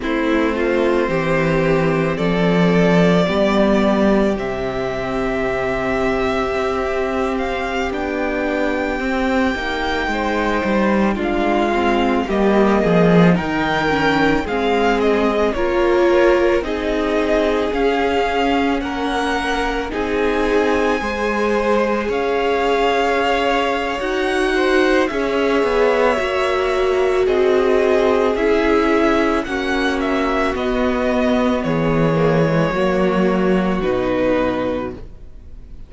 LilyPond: <<
  \new Staff \with { instrumentName = "violin" } { \time 4/4 \tempo 4 = 55 c''2 d''2 | e''2~ e''8. f''8 g''8.~ | g''2~ g''16 f''4 dis''8.~ | dis''16 g''4 f''8 dis''8 cis''4 dis''8.~ |
dis''16 f''4 fis''4 gis''4.~ gis''16~ | gis''16 f''4.~ f''16 fis''4 e''4~ | e''4 dis''4 e''4 fis''8 e''8 | dis''4 cis''2 b'4 | }
  \new Staff \with { instrumentName = "violin" } { \time 4/4 e'8 f'8 g'4 a'4 g'4~ | g'1~ | g'4~ g'16 c''4 f'4 g'8 gis'16~ | gis'16 ais'4 gis'4 ais'4 gis'8.~ |
gis'4~ gis'16 ais'4 gis'4 c''8.~ | c''16 cis''2~ cis''16 c''8 cis''4~ | cis''4 gis'2 fis'4~ | fis'4 gis'4 fis'2 | }
  \new Staff \with { instrumentName = "viola" } { \time 4/4 c'2. b4 | c'2.~ c'16 d'8.~ | d'16 c'8 dis'4. d'8 c'8 ais8.~ | ais16 dis'8 cis'8 c'4 f'4 dis'8.~ |
dis'16 cis'2 dis'4 gis'8.~ | gis'2 fis'4 gis'4 | fis'2 e'4 cis'4 | b4. ais16 gis16 ais4 dis'4 | }
  \new Staff \with { instrumentName = "cello" } { \time 4/4 a4 e4 f4 g4 | c2 c'4~ c'16 b8.~ | b16 c'8 ais8 gis8 g8 gis4 g8 f16~ | f16 dis4 gis4 ais4 c'8.~ |
c'16 cis'4 ais4 c'4 gis8.~ | gis16 cis'4.~ cis'16 dis'4 cis'8 b8 | ais4 c'4 cis'4 ais4 | b4 e4 fis4 b,4 | }
>>